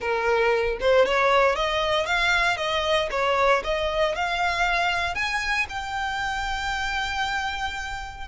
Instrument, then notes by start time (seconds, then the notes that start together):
violin
0.00 A#4
0.80 C5
1.05 C#5
1.55 D#5
2.05 F5
2.57 D#5
3.11 C#5
3.64 D#5
4.15 F5
5.14 G#5
5.69 G5